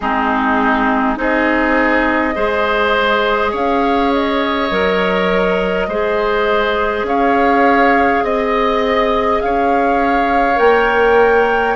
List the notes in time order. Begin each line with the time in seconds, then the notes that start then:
0.00 G#3 C4 D#4 G#4
1.16 C4 D#4 G#4 D#5
2.34 G#3 G#4 C5
3.51 C#4 C#5 F5
4.13 D#5
4.71 F#3 A#4
5.87 G#3 G#4 C5
7.03 C#4 C#5 F5
8.23 C4 D#5
9.41 C#4 C#5 F5
10.55 A#3 A#4 G5